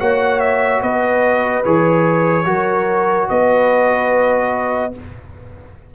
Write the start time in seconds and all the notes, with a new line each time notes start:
0.00 A#3 F#4 C#5 F#5
0.40 E5
0.82 B3 B4 D#5
1.65 E3 G#4 C#5
2.45 F#3 F#4 A#4
3.29 B3 B4 D#5